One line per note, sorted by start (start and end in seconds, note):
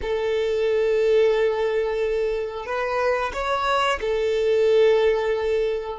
0.01 2.65 A4
2.65 3.32 B4
3.33 3.99 C#5
4.01 5.99 A4